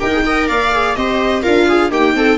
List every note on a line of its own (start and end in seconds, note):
0.00 0.50 D#4
0.00 0.12 G4
0.00 0.25 A#4
0.00 0.48 G5
0.12 0.24 G#4
0.26 0.73 A#4
0.26 0.49 D#5
0.48 0.97 A#3
0.48 0.97 D5
0.48 0.96 F5
0.73 0.97 G#4
0.96 1.45 C4
0.96 1.43 G4
0.96 1.43 C5
0.96 1.43 D#5
1.43 1.91 D4
1.43 1.91 F4
1.43 1.67 A#4
1.43 1.91 F5
1.69 1.92 G#4
1.91 2.14 A#3
1.91 2.39 D#4
1.91 2.16 G4
1.91 2.39 G5
2.14 2.38 C4
2.14 2.39 A4